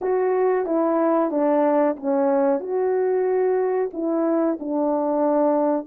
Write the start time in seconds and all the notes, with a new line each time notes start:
0.01 F#4
0.66 E4
1.30 D4
1.96 C#4
2.60 F#4
3.93 E4
4.59 D4